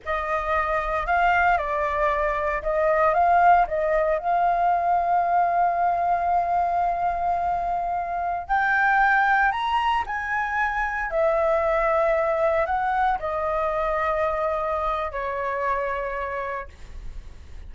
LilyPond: \new Staff \with { instrumentName = "flute" } { \time 4/4 \tempo 4 = 115 dis''2 f''4 d''4~ | d''4 dis''4 f''4 dis''4 | f''1~ | f''1~ |
f''16 g''2 ais''4 gis''8.~ | gis''4~ gis''16 e''2~ e''8.~ | e''16 fis''4 dis''2~ dis''8.~ | dis''4 cis''2. | }